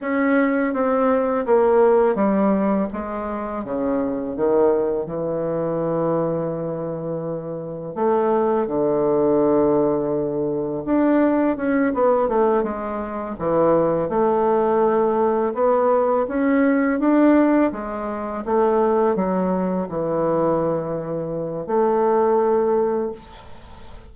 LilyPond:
\new Staff \with { instrumentName = "bassoon" } { \time 4/4 \tempo 4 = 83 cis'4 c'4 ais4 g4 | gis4 cis4 dis4 e4~ | e2. a4 | d2. d'4 |
cis'8 b8 a8 gis4 e4 a8~ | a4. b4 cis'4 d'8~ | d'8 gis4 a4 fis4 e8~ | e2 a2 | }